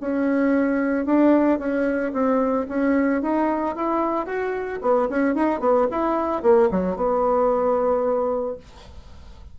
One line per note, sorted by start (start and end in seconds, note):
0.00 1.05 C#4
1.05 1.59 D4
1.59 2.12 C#4
2.13 2.66 C4
2.68 3.22 C#4
3.22 3.75 D#4
3.75 4.26 E4
4.26 4.79 F#4
4.81 5.08 B3
5.09 5.35 C#4
5.35 5.60 D#4
5.60 5.87 B3
5.91 6.42 E4
6.42 6.69 A#3
6.70 6.96 F#3
6.96 8.56 B3